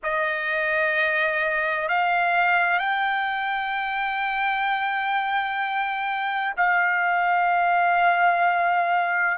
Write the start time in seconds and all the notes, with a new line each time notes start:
0.03 D#5
1.88 F5
2.79 G5
6.56 F5